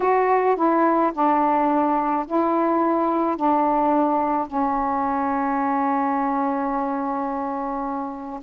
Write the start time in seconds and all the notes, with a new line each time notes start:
0.00 F#4
0.56 E4
1.13 D4
2.27 E4
3.36 D4
4.47 C#4